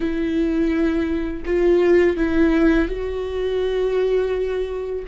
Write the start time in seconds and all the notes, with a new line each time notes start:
0.00 E4
1.45 F4
2.17 E4
2.88 F#4